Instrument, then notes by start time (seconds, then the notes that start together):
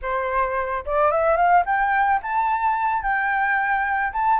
flute
0.02 C5
0.85 D5
1.11 E5
1.36 F5
1.65 G5
2.22 A5
3.02 G5
4.13 A5